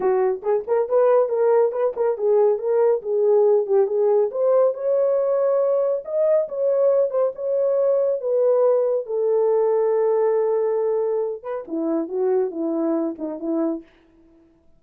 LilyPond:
\new Staff \with { instrumentName = "horn" } { \time 4/4 \tempo 4 = 139 fis'4 gis'8 ais'8 b'4 ais'4 | b'8 ais'8 gis'4 ais'4 gis'4~ | gis'8 g'8 gis'4 c''4 cis''4~ | cis''2 dis''4 cis''4~ |
cis''8 c''8 cis''2 b'4~ | b'4 a'2.~ | a'2~ a'8 b'8 e'4 | fis'4 e'4. dis'8 e'4 | }